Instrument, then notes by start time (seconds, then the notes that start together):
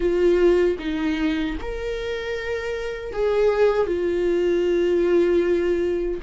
viola
0.00 F4
0.78 D#4
1.61 A#4
3.12 G#4
3.86 F4